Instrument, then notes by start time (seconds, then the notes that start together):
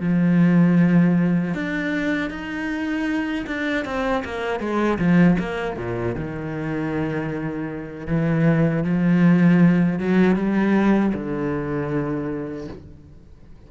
cello
0.00 F3
1.53 D4
2.30 D#4
3.46 D4
3.85 C4
4.24 A#3
4.59 G#3
4.98 F3
5.38 A#3
5.76 A#2
6.15 D#3
8.07 E3
8.84 F3
9.99 F#3
10.36 G3
11.14 D3